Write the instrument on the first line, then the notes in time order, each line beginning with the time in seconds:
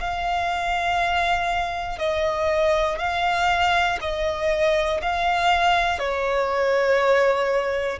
violin
0.00 F5
1.99 D#5
2.99 F5
4.01 D#5
5.02 F5
6.00 C#5